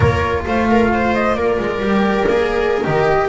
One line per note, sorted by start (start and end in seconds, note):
0.00 0.44 A#3
0.00 1.82 F4
0.00 0.46 A#4
0.00 0.43 C#5
0.46 1.35 A3
0.46 0.69 C5
0.46 1.14 F5
0.69 0.92 A#4
0.93 1.37 C5
1.14 1.34 D#5
1.34 1.57 A#3
1.34 3.28 A#4
1.34 2.82 D5
1.58 1.79 G#3
1.79 2.25 G3
1.79 2.27 G4
2.28 2.85 A#3
2.28 2.83 G#4
2.82 3.28 D#3
2.82 3.28 G4
2.82 3.28 D#5